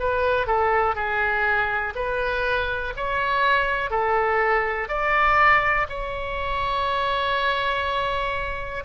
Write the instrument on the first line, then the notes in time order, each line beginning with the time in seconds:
oboe
0.00 B4
0.47 A4
0.96 G#4
1.96 B4
2.96 C#5
3.91 A4
4.89 D5
5.89 C#5